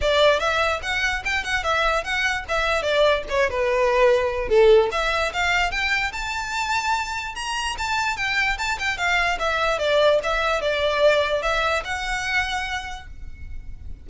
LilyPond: \new Staff \with { instrumentName = "violin" } { \time 4/4 \tempo 4 = 147 d''4 e''4 fis''4 g''8 fis''8 | e''4 fis''4 e''4 d''4 | cis''8 b'2~ b'8 a'4 | e''4 f''4 g''4 a''4~ |
a''2 ais''4 a''4 | g''4 a''8 g''8 f''4 e''4 | d''4 e''4 d''2 | e''4 fis''2. | }